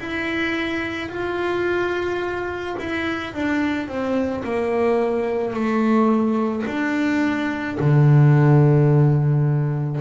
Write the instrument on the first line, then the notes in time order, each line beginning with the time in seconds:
double bass
0.00 E4
1.09 F4
2.79 E4
3.34 D4
3.88 C4
4.44 A#3
5.54 A3
6.67 D4
7.80 D3